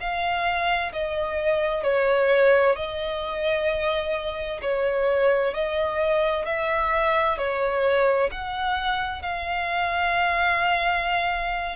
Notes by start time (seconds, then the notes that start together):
0.00 F5
0.93 D#5
1.83 C#5
2.76 D#5
4.62 C#5
5.53 D#5
6.45 E5
7.38 C#5
8.32 F#5
9.22 F5